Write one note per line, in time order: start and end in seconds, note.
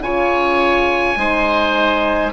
0.00 1.15 C#3
0.00 1.17 F4
0.00 1.19 C#5
0.00 2.32 G#5
1.16 2.31 G#3
1.16 2.32 D#4
1.16 2.32 C5